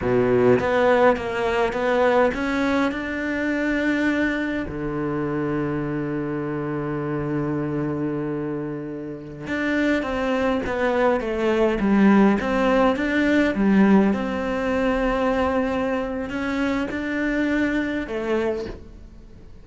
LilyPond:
\new Staff \with { instrumentName = "cello" } { \time 4/4 \tempo 4 = 103 b,4 b4 ais4 b4 | cis'4 d'2. | d1~ | d1~ |
d16 d'4 c'4 b4 a8.~ | a16 g4 c'4 d'4 g8.~ | g16 c'2.~ c'8. | cis'4 d'2 a4 | }